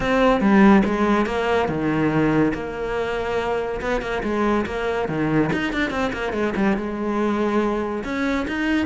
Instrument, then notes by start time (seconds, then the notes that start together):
cello
0.00 C4
0.40 G3
0.85 G#3
1.26 A#3
1.68 D#3
2.54 A#3
3.81 B3
4.01 A#3
4.23 G#3
4.66 A#3
5.08 D#3
5.52 D#4
5.73 D4
5.90 C4
6.12 A#3
6.32 G#3
6.56 G3
6.76 G#3
8.04 C#4
8.47 D#4